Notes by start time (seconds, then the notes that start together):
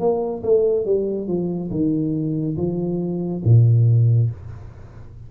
0.00 A#3
0.44 A3
0.86 G3
1.28 F3
1.71 D#3
2.57 F3
3.45 A#2